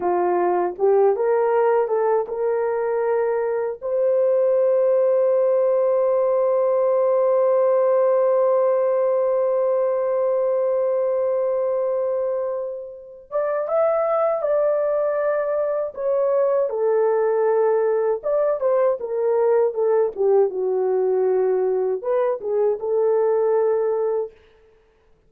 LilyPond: \new Staff \with { instrumentName = "horn" } { \time 4/4 \tempo 4 = 79 f'4 g'8 ais'4 a'8 ais'4~ | ais'4 c''2.~ | c''1~ | c''1~ |
c''4. d''8 e''4 d''4~ | d''4 cis''4 a'2 | d''8 c''8 ais'4 a'8 g'8 fis'4~ | fis'4 b'8 gis'8 a'2 | }